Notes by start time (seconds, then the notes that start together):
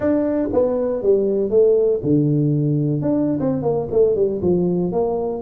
0.00 D4
0.52 B3
1.02 G3
1.50 A3
2.03 D3
3.01 D4
3.39 C4
3.62 A#3
3.91 A3
4.15 G3
4.41 F3
4.92 A#3